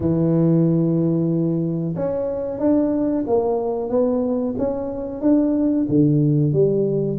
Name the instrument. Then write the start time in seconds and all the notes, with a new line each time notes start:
tuba
0.00 E3
1.95 C#4
2.59 D4
3.26 A#3
3.89 B3
4.58 C#4
5.21 D4
5.88 D3
6.52 G3